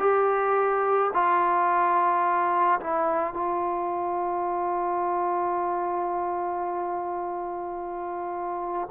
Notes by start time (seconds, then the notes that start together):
0.00 G4
1.14 F4
2.81 E4
3.34 F4